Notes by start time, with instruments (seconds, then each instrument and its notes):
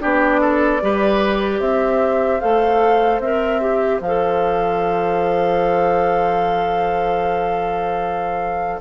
0.00 bassoon B3, clarinet D4, oboe G4, flute D5
0.41 oboe A4
0.81 bassoon G3, clarinet G4, oboe B4
1.60 bassoon C4, oboe C5, flute E5
2.41 bassoon A3, clarinet A4, flute F5
3.20 bassoon C4, clarinet A#4, flute E5
3.61 clarinet G4
4.01 bassoon F3, flute F5
4.07 clarinet A4